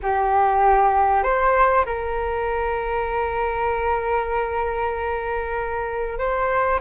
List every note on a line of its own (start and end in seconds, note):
0.02 1.23 G4
1.23 1.85 C5
1.85 6.18 A#4
6.18 6.80 C5